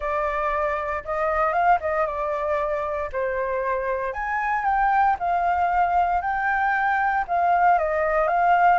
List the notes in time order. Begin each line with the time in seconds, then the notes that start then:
0.00 D5
1.04 D#5
1.52 F5
1.80 D#5
2.06 D5
3.12 C5
4.13 G#5
4.64 G5
5.19 F5
6.21 G5
7.27 F5
7.78 D#5
8.27 F5